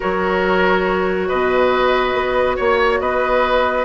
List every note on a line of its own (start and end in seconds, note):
0.00 1.31 F#3
0.00 3.84 F#4
0.00 1.28 A#4
0.00 1.28 C#5
1.28 2.14 B2
1.28 2.56 B4
1.28 2.56 D#5
2.14 2.56 B3
2.56 3.00 A#3
2.56 2.99 C#5
2.56 3.00 C#5
3.00 3.84 B3
3.00 3.84 B4
3.00 3.84 D#5